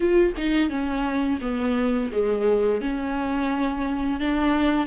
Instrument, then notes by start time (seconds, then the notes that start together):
viola
0.00 F4
0.37 D#4
0.69 C#4
1.41 B3
2.12 G#3
2.81 C#4
4.20 D4